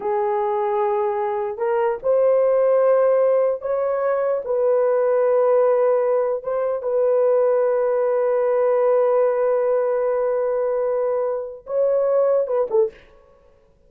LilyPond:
\new Staff \with { instrumentName = "horn" } { \time 4/4 \tempo 4 = 149 gis'1 | ais'4 c''2.~ | c''4 cis''2 b'4~ | b'1 |
c''4 b'2.~ | b'1~ | b'1~ | b'4 cis''2 b'8 a'8 | }